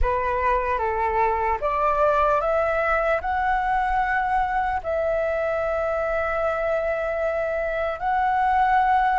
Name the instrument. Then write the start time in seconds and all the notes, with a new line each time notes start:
flute
0.01 B4
0.78 A4
1.60 D5
2.40 E5
3.21 F#5
4.83 E5
7.99 F#5